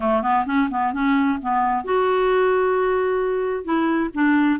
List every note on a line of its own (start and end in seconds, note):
0.00 0.22 A3
0.22 0.45 B3
0.46 0.68 C#4
0.70 0.93 B3
0.93 1.39 C#4
1.42 1.84 B3
1.84 3.64 F#4
3.64 4.10 E4
4.14 4.59 D4